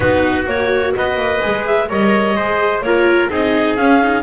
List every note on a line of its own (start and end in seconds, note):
0.00 0.47 B3
0.00 0.44 D#4
0.00 0.95 F#4
0.00 0.47 B4
0.44 0.94 A#3
0.44 1.38 F#4
0.44 0.95 C#5
0.96 1.16 B3
0.96 1.89 B4
0.96 1.66 D#5
1.16 1.39 A#3
1.41 1.89 G#3
1.41 1.88 G#4
1.66 1.89 E5
1.88 2.35 G3
1.88 2.36 A#4
1.88 2.36 C#5
1.88 2.81 D#5
2.35 2.81 G#3
2.35 2.84 G#4
2.35 2.84 C5
2.81 3.28 A#3
2.81 3.30 F4
2.81 3.30 A#4
2.81 3.28 C#5
3.30 3.77 C4
3.30 3.77 D#4
3.30 4.23 G#4
3.30 3.76 D#5
3.76 4.23 C#4
3.76 4.01 C#4
3.76 4.23 F5
4.01 4.23 D#4